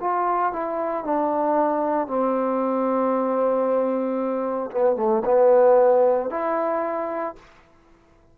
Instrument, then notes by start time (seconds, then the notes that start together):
trombone
0.00 F4
0.53 E4
1.04 D4
2.08 C4
4.71 B3
4.97 A3
5.25 B3
6.31 E4